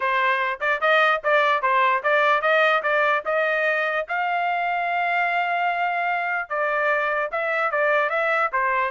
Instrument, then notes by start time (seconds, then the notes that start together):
trumpet
0.00 C5
0.60 D5
0.80 D#5
1.23 D5
1.62 C5
2.03 D5
2.41 D#5
2.82 D5
3.25 D#5
4.08 F5
6.49 D5
7.31 E5
7.71 D5
8.09 E5
8.52 C5